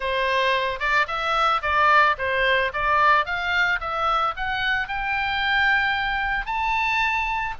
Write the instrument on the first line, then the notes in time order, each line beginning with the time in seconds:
oboe
0.00 C5
0.79 D5
1.07 E5
1.62 D5
2.18 C5
2.73 D5
3.25 F5
3.80 E5
4.36 F#5
4.87 G5
6.46 A5